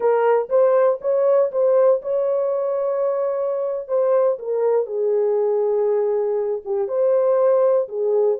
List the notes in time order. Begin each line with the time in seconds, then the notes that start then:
0.00 A#4
0.49 C5
1.01 C#5
1.51 C5
2.02 C#5
3.88 C5
4.39 A#4
4.86 G#4
6.65 G4
6.88 C5
7.88 G#4